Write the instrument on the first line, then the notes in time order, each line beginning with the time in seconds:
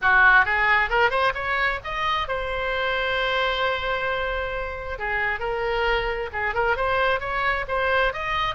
oboe
0.01 F#4
0.45 G#4
0.89 A#4
1.10 C5
1.34 C#5
1.84 D#5
2.28 C5
4.98 G#4
5.39 A#4
6.33 G#4
6.54 A#4
6.76 C5
7.20 C#5
7.68 C5
8.13 D#5